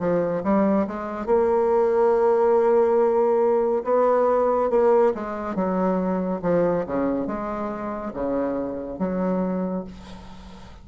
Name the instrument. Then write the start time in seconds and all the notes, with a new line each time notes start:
bassoon
0.00 F3
0.44 G3
0.88 G#3
1.27 A#3
3.85 B3
4.70 A#3
5.15 G#3
5.56 F#3
6.42 F3
6.87 C#3
7.27 G#3
8.14 C#3
8.99 F#3